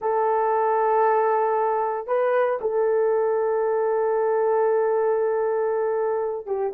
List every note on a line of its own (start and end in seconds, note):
0.01 2.07 A4
2.07 2.59 B4
2.61 6.46 A4
6.46 6.72 G4